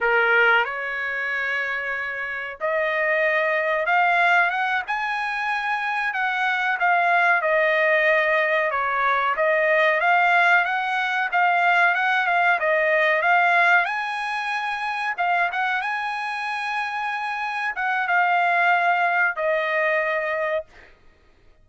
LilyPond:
\new Staff \with { instrumentName = "trumpet" } { \time 4/4 \tempo 4 = 93 ais'4 cis''2. | dis''2 f''4 fis''8 gis''8~ | gis''4. fis''4 f''4 dis''8~ | dis''4. cis''4 dis''4 f''8~ |
f''8 fis''4 f''4 fis''8 f''8 dis''8~ | dis''8 f''4 gis''2 f''8 | fis''8 gis''2. fis''8 | f''2 dis''2 | }